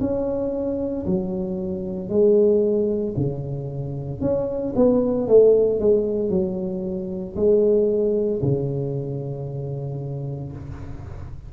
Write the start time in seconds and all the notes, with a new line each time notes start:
0.00 C#4
1.06 F#3
2.09 G#3
3.16 C#3
4.21 C#4
4.76 B3
5.27 A3
5.79 G#3
6.30 F#3
7.36 G#3
8.42 C#3